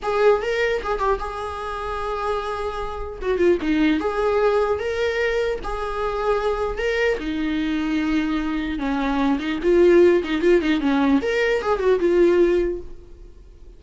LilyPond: \new Staff \with { instrumentName = "viola" } { \time 4/4 \tempo 4 = 150 gis'4 ais'4 gis'8 g'8 gis'4~ | gis'1 | fis'8 f'8 dis'4 gis'2 | ais'2 gis'2~ |
gis'4 ais'4 dis'2~ | dis'2 cis'4. dis'8 | f'4. dis'8 f'8 dis'8 cis'4 | ais'4 gis'8 fis'8 f'2 | }